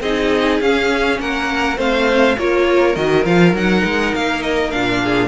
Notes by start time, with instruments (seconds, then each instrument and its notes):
0.00 cello C4, viola D#4, violin G#4 D#5
0.60 cello C#4, viola C#4, violin F5
1.19 cello A#3, violin A#4 F#5
1.76 cello A3, viola C4, violin C5 F5
2.37 cello A#3, viola F4, violin A#4 C#5
2.94 cello D#3, viola F#4, violin D#5
3.25 cello F3, viola F4, violin F5
3.53 cello F#3, viola D#4, violin F#5
3.84 cello G#3
4.14 cello A#3, violin F5
4.42 violin D#5
4.71 cello A#2, viola D4, violin F5
5.03 violin G#4